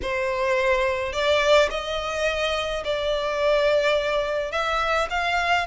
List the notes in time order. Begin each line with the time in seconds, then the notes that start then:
0.02 C5
1.12 D5
1.70 D#5
2.84 D5
4.51 E5
5.10 F5